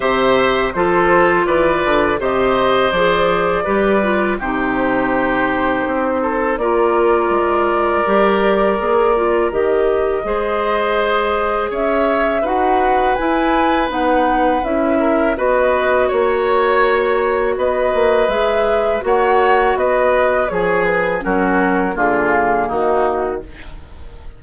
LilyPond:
<<
  \new Staff \with { instrumentName = "flute" } { \time 4/4 \tempo 4 = 82 e''4 c''4 d''4 dis''4 | d''2 c''2~ | c''4 d''2.~ | d''4 dis''2. |
e''4 fis''4 gis''4 fis''4 | e''4 dis''4 cis''2 | dis''4 e''4 fis''4 dis''4 | cis''8 b'8 ais'4 gis'4 fis'4 | }
  \new Staff \with { instrumentName = "oboe" } { \time 4/4 c''4 a'4 b'4 c''4~ | c''4 b'4 g'2~ | g'8 a'8 ais'2.~ | ais'2 c''2 |
cis''4 b'2.~ | b'8 ais'8 b'4 cis''2 | b'2 cis''4 b'4 | gis'4 fis'4 f'4 dis'4 | }
  \new Staff \with { instrumentName = "clarinet" } { \time 4/4 g'4 f'2 g'4 | gis'4 g'8 f'8 dis'2~ | dis'4 f'2 g'4 | gis'8 f'8 g'4 gis'2~ |
gis'4 fis'4 e'4 dis'4 | e'4 fis'2.~ | fis'4 gis'4 fis'2 | gis'4 cis'4 ais2 | }
  \new Staff \with { instrumentName = "bassoon" } { \time 4/4 c4 f4 e8 d8 c4 | f4 g4 c2 | c'4 ais4 gis4 g4 | ais4 dis4 gis2 |
cis'4 dis'4 e'4 b4 | cis'4 b4 ais2 | b8 ais8 gis4 ais4 b4 | f4 fis4 d4 dis4 | }
>>